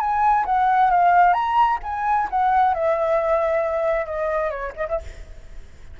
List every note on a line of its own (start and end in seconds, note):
0.00 0.45 G#5
0.46 0.90 F#5
0.90 1.33 F5
1.33 1.79 A#5
1.83 2.28 G#5
2.30 2.74 F#5
2.74 4.06 E5
4.06 4.50 D#5
4.50 4.73 C#5
4.76 4.87 D#5
4.88 5.00 E5